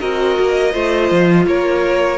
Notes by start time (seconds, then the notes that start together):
0.00 C4 F#4 A#4 D#5
0.39 A#3
0.72 A3 F4 C5
1.11 F3
1.46 A#3 A#4 C#5